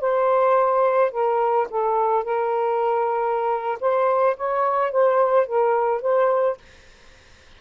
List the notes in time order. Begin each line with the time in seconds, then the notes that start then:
0.00 C5
1.11 A#4
1.69 A4
2.24 A#4
3.80 C5
4.36 C#5
4.91 C5
5.46 A#4
6.01 C5